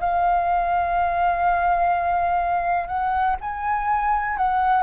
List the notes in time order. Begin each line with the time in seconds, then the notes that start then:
0.00 F5
2.87 F#5
3.40 G#5
4.37 F#5